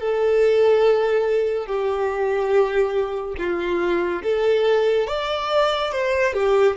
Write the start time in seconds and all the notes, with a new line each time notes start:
0.00 A4
1.66 G4
3.38 F4
4.23 A4
5.07 D5
5.92 C5
6.34 G4